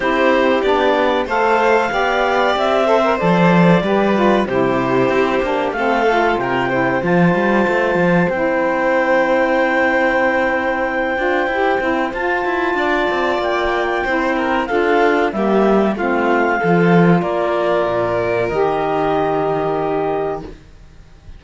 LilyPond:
<<
  \new Staff \with { instrumentName = "clarinet" } { \time 4/4 \tempo 4 = 94 c''4 d''4 f''2 | e''4 d''2 c''4~ | c''4 f''4 g''4 a''4~ | a''4 g''2.~ |
g''2. a''4~ | a''4 g''2 f''4 | e''4 f''2 d''4~ | d''4 dis''2. | }
  \new Staff \with { instrumentName = "violin" } { \time 4/4 g'2 c''4 d''4~ | d''8 c''4. b'4 g'4~ | g'4 a'4 ais'8 c''4.~ | c''1~ |
c''1 | d''2 c''8 ais'8 a'4 | g'4 f'4 a'4 ais'4~ | ais'1 | }
  \new Staff \with { instrumentName = "saxophone" } { \time 4/4 e'4 d'4 a'4 g'4~ | g'8 a'16 ais'16 a'4 g'8 f'8 e'4~ | e'8 d'8 c'8 f'4 e'8 f'4~ | f'4 e'2.~ |
e'4. f'8 g'8 e'8 f'4~ | f'2 e'4 f'4 | ais4 c'4 f'2~ | f'4 g'2. | }
  \new Staff \with { instrumentName = "cello" } { \time 4/4 c'4 b4 a4 b4 | c'4 f4 g4 c4 | c'8 ais8 a4 c4 f8 g8 | a8 f8 c'2.~ |
c'4. d'8 e'8 c'8 f'8 e'8 | d'8 c'8 ais4 c'4 d'4 | g4 a4 f4 ais4 | ais,4 dis2. | }
>>